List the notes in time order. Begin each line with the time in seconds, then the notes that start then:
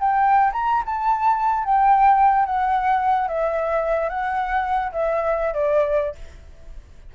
0.00 G5
0.52 A#5
0.85 A5
1.64 G5
2.46 F#5
3.28 E5
4.09 F#5
4.92 E5
5.53 D5